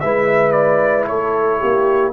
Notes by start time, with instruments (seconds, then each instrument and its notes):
0.00 tuba G#3, trombone E4, horn B4, trumpet E5
0.52 trumpet D5
1.07 tuba A3, horn A4, trumpet C#5
1.60 tuba A#3, horn G4